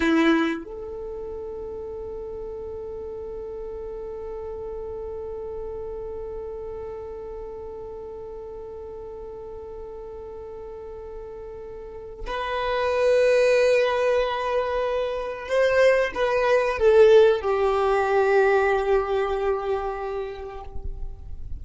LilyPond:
\new Staff \with { instrumentName = "violin" } { \time 4/4 \tempo 4 = 93 e'4 a'2.~ | a'1~ | a'1~ | a'1~ |
a'2. b'4~ | b'1 | c''4 b'4 a'4 g'4~ | g'1 | }